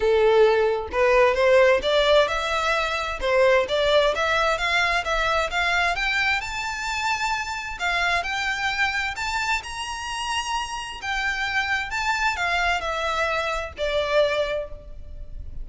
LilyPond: \new Staff \with { instrumentName = "violin" } { \time 4/4 \tempo 4 = 131 a'2 b'4 c''4 | d''4 e''2 c''4 | d''4 e''4 f''4 e''4 | f''4 g''4 a''2~ |
a''4 f''4 g''2 | a''4 ais''2. | g''2 a''4 f''4 | e''2 d''2 | }